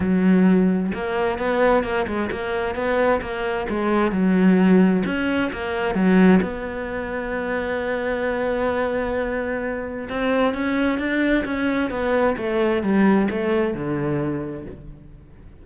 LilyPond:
\new Staff \with { instrumentName = "cello" } { \time 4/4 \tempo 4 = 131 fis2 ais4 b4 | ais8 gis8 ais4 b4 ais4 | gis4 fis2 cis'4 | ais4 fis4 b2~ |
b1~ | b2 c'4 cis'4 | d'4 cis'4 b4 a4 | g4 a4 d2 | }